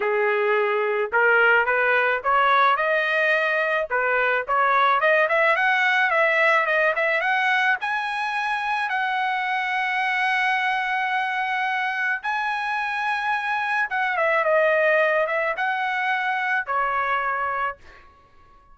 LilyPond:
\new Staff \with { instrumentName = "trumpet" } { \time 4/4 \tempo 4 = 108 gis'2 ais'4 b'4 | cis''4 dis''2 b'4 | cis''4 dis''8 e''8 fis''4 e''4 | dis''8 e''8 fis''4 gis''2 |
fis''1~ | fis''2 gis''2~ | gis''4 fis''8 e''8 dis''4. e''8 | fis''2 cis''2 | }